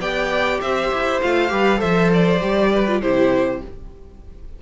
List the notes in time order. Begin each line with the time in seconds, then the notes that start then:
0.00 B3 G4 D5 G5
0.61 C4 C5 E5
0.92 E4
1.22 A3 F4 F5
1.49 G3 G4 B4
1.77 F3 A4 C5 E5
2.14 D5
2.42 G3 G4
2.72 B4
2.88 F4
3.02 C3 E4 G4 C5